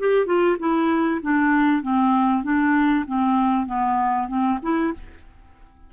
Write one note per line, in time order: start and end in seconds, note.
0.00 0.26 G4
0.26 0.57 F4
0.60 1.21 E4
1.23 1.82 D4
1.82 2.44 C4
2.44 3.06 D4
3.07 3.67 C4
3.67 4.28 B3
4.28 4.59 C4
4.63 4.94 E4